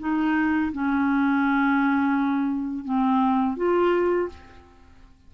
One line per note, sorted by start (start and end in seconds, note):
0.00 0.72 D#4
0.73 2.85 C#4
2.85 3.57 C4
3.57 4.29 F4